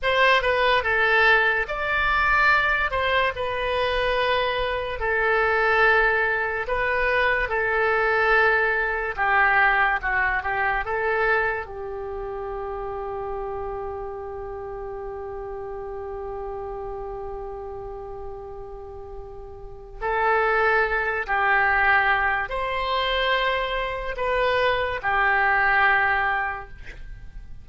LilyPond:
\new Staff \with { instrumentName = "oboe" } { \time 4/4 \tempo 4 = 72 c''8 b'8 a'4 d''4. c''8 | b'2 a'2 | b'4 a'2 g'4 | fis'8 g'8 a'4 g'2~ |
g'1~ | g'1 | a'4. g'4. c''4~ | c''4 b'4 g'2 | }